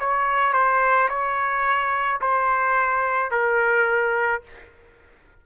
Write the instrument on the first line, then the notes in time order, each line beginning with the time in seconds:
trumpet
0.00 C#5
0.54 C5
1.10 C#5
2.21 C5
3.31 A#4